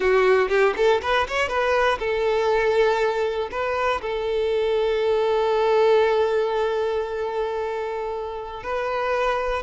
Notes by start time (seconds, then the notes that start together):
0.00 F#4
0.49 G4
0.76 A4
1.02 B4
1.27 C#5
1.48 B4
1.99 A4
3.51 B4
4.01 A4
8.63 B4